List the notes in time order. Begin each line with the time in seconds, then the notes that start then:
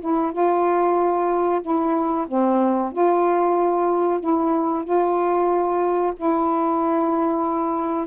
0.00 E4
0.32 F4
1.62 E4
2.27 C4
2.92 F4
4.20 E4
4.84 F4
6.16 E4